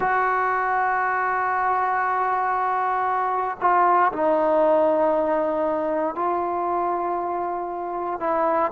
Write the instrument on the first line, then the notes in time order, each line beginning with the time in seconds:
trombone
0.00 F#4
3.60 F4
4.12 D#4
6.15 F4
8.20 E4